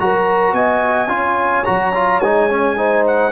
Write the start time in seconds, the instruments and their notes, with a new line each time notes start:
0.00 tuba F#3, trombone F#4, horn A#4, trumpet A#5
0.53 tuba B3, horn D#5, trumpet G#5
1.08 tuba C#4, trombone F4, horn C#5
1.65 tuba F#3, trombone F#4, trumpet A#5
1.95 trombone F4
2.20 tuba G#3, trombone D#4, trumpet G#5
2.50 trombone C#4
2.77 trombone D#4, horn C5
3.07 trumpet F#5